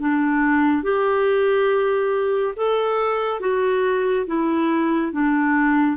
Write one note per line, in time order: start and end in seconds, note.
0.00 0.83 D4
0.83 2.55 G4
2.57 3.41 A4
3.41 4.27 F#4
4.27 5.13 E4
5.13 5.97 D4